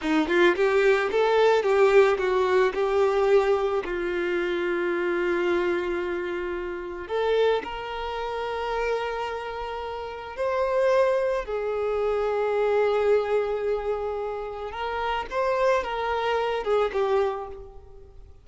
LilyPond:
\new Staff \with { instrumentName = "violin" } { \time 4/4 \tempo 4 = 110 dis'8 f'8 g'4 a'4 g'4 | fis'4 g'2 f'4~ | f'1~ | f'4 a'4 ais'2~ |
ais'2. c''4~ | c''4 gis'2.~ | gis'2. ais'4 | c''4 ais'4. gis'8 g'4 | }